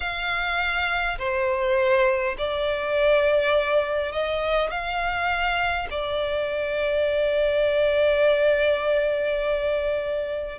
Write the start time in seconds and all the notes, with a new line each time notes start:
0.00 F5
1.18 C5
2.37 D5
4.12 D#5
4.70 F5
5.90 D5